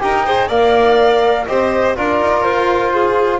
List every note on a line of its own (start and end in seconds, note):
0.00 0.50 D#4
0.00 0.24 G4
0.00 0.26 A#4
0.00 0.49 G5
0.26 0.50 G#4
0.26 0.48 C5
0.48 1.47 A#3
0.48 1.46 A#4
0.48 1.45 D5
0.48 1.47 F5
1.47 1.97 C4
1.47 1.96 G4
1.47 1.96 C5
1.47 1.95 D#5
1.96 2.20 D4
1.96 3.40 F4
1.96 2.93 A#4
1.96 2.43 D5
2.20 2.44 D#4
2.43 3.40 F4
2.43 3.40 C5
2.94 3.40 G#4